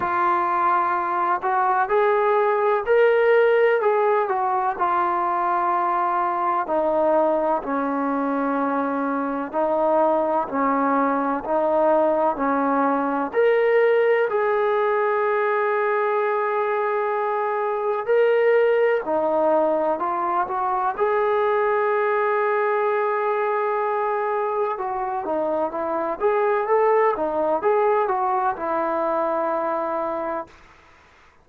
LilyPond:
\new Staff \with { instrumentName = "trombone" } { \time 4/4 \tempo 4 = 63 f'4. fis'8 gis'4 ais'4 | gis'8 fis'8 f'2 dis'4 | cis'2 dis'4 cis'4 | dis'4 cis'4 ais'4 gis'4~ |
gis'2. ais'4 | dis'4 f'8 fis'8 gis'2~ | gis'2 fis'8 dis'8 e'8 gis'8 | a'8 dis'8 gis'8 fis'8 e'2 | }